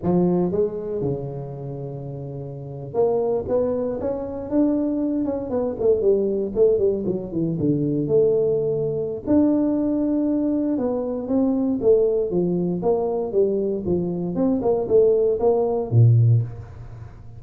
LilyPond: \new Staff \with { instrumentName = "tuba" } { \time 4/4 \tempo 4 = 117 f4 gis4 cis2~ | cis4.~ cis16 ais4 b4 cis'16~ | cis'8. d'4. cis'8 b8 a8 g16~ | g8. a8 g8 fis8 e8 d4 a16~ |
a2 d'2~ | d'4 b4 c'4 a4 | f4 ais4 g4 f4 | c'8 ais8 a4 ais4 ais,4 | }